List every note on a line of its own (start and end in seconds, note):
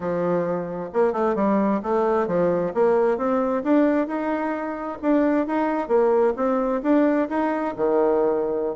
0.00 0.90 F3
0.93 1.12 A#3
1.12 1.35 A3
1.35 1.80 G3
1.82 2.27 A3
2.27 2.72 F3
2.74 3.17 A#3
3.17 3.63 C4
3.63 4.07 D4
4.07 4.98 D#4
5.02 5.46 D4
5.46 5.88 D#4
5.88 6.33 A#3
6.36 6.81 C4
6.82 7.28 D4
7.29 7.74 D#4
7.76 8.75 D#3